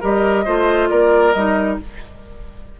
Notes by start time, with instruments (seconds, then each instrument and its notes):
0.00 bassoon G3, clarinet G4, oboe A#4, flute D#5
0.44 bassoon A3, clarinet F4, oboe C5
0.89 bassoon A#3, oboe A#4, flute D5
1.33 bassoon G3, clarinet D#4, flute D#5